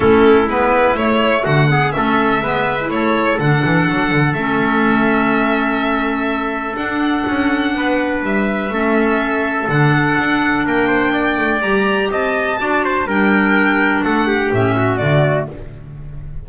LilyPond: <<
  \new Staff \with { instrumentName = "violin" } { \time 4/4 \tempo 4 = 124 a'4 b'4 cis''4 fis''4 | e''2 cis''4 fis''4~ | fis''4 e''2.~ | e''2 fis''2~ |
fis''4 e''2. | fis''2 g''2 | ais''4 a''2 g''4~ | g''4 fis''4 e''4 d''4 | }
  \new Staff \with { instrumentName = "trumpet" } { \time 4/4 e'2. fis'8 gis'8 | a'4 b'4 a'2~ | a'1~ | a'1 |
b'2 a'2~ | a'2 ais'8 c''8 d''4~ | d''4 dis''4 d''8 c''8 ais'4~ | ais'4 a'8 g'4 fis'4. | }
  \new Staff \with { instrumentName = "clarinet" } { \time 4/4 cis'4 b4 a4. b8 | cis'4 b8. e'4~ e'16 d'4~ | d'4 cis'2.~ | cis'2 d'2~ |
d'2 cis'2 | d'1 | g'2 fis'4 d'4~ | d'2 cis'4 a4 | }
  \new Staff \with { instrumentName = "double bass" } { \time 4/4 a4 gis4 a4 d4 | a4 gis4 a4 d8 e8 | fis8 d8 a2.~ | a2 d'4 cis'4 |
b4 g4 a2 | d4 d'4 ais4. a8 | g4 c'4 d'4 g4~ | g4 a4 a,4 d4 | }
>>